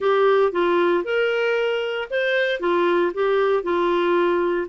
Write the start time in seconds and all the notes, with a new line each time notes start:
0.00 G4
0.51 F4
1.03 A#4
2.10 C5
2.60 F4
3.14 G4
3.63 F4